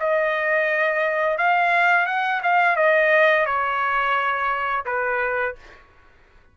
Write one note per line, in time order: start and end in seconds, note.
0.00 1.38 D#5
1.38 2.07 F5
2.07 2.42 F#5
2.44 2.76 F5
2.76 3.46 D#5
3.46 4.86 C#5
4.86 5.56 B4